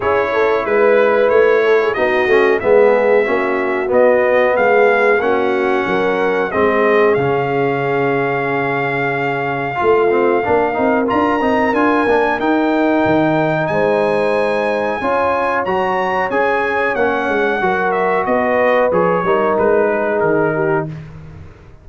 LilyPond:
<<
  \new Staff \with { instrumentName = "trumpet" } { \time 4/4 \tempo 4 = 92 cis''4 b'4 cis''4 dis''4 | e''2 dis''4 f''4 | fis''2 dis''4 f''4~ | f''1~ |
f''4 ais''4 gis''4 g''4~ | g''4 gis''2. | ais''4 gis''4 fis''4. e''8 | dis''4 cis''4 b'4 ais'4 | }
  \new Staff \with { instrumentName = "horn" } { \time 4/4 gis'8 a'8 b'4. a'16 gis'16 fis'4 | gis'4 fis'2 gis'4 | fis'4 ais'4 gis'2~ | gis'2. f'4 |
ais'1~ | ais'4 c''2 cis''4~ | cis''2. ais'4 | b'4. ais'4 gis'4 g'8 | }
  \new Staff \with { instrumentName = "trombone" } { \time 4/4 e'2. dis'8 cis'8 | b4 cis'4 b2 | cis'2 c'4 cis'4~ | cis'2. f'8 c'8 |
d'8 dis'8 f'8 dis'8 f'8 d'8 dis'4~ | dis'2. f'4 | fis'4 gis'4 cis'4 fis'4~ | fis'4 gis'8 dis'2~ dis'8 | }
  \new Staff \with { instrumentName = "tuba" } { \time 4/4 cis'4 gis4 a4 b8 a8 | gis4 ais4 b4 gis4 | ais4 fis4 gis4 cis4~ | cis2. a4 |
ais8 c'8 d'8 c'8 d'8 ais8 dis'4 | dis4 gis2 cis'4 | fis4 cis'4 ais8 gis8 fis4 | b4 f8 g8 gis4 dis4 | }
>>